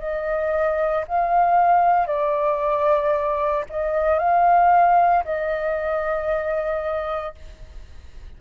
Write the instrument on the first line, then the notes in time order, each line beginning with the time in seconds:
flute
0.00 D#5
1.08 F5
2.08 D5
3.70 D#5
4.19 F5
5.25 D#5